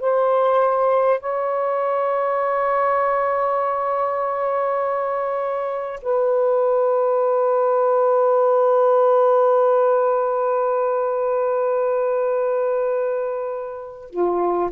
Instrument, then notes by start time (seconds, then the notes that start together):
saxophone
0.00 C5
1.20 C#5
6.02 B4
14.10 F4